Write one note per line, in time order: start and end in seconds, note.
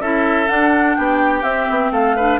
0.00 0.48 C#4
0.00 0.47 E4
0.00 0.97 A4
0.00 0.48 E5
0.47 1.43 D4
0.47 0.97 D4
0.47 0.96 F#5
0.96 1.42 B3
0.96 1.92 G4
0.96 1.43 G5
1.42 1.66 C4
1.42 2.18 C4
1.42 1.91 E5
1.70 1.91 B3
1.91 2.39 A3
1.91 2.16 A4
1.91 2.39 F5
2.16 2.39 D4
2.16 2.39 B4